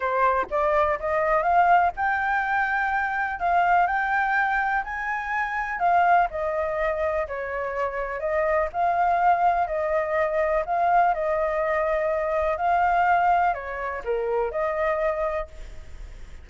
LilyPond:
\new Staff \with { instrumentName = "flute" } { \time 4/4 \tempo 4 = 124 c''4 d''4 dis''4 f''4 | g''2. f''4 | g''2 gis''2 | f''4 dis''2 cis''4~ |
cis''4 dis''4 f''2 | dis''2 f''4 dis''4~ | dis''2 f''2 | cis''4 ais'4 dis''2 | }